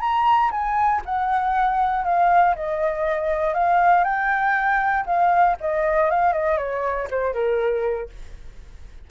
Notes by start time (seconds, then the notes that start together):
0.00 A#5
0.51 G#5
1.05 F#5
2.04 F5
2.55 D#5
3.54 F5
4.04 G5
5.06 F5
5.60 D#5
6.10 F5
6.33 D#5
6.57 C#5
7.10 C5
7.33 A#4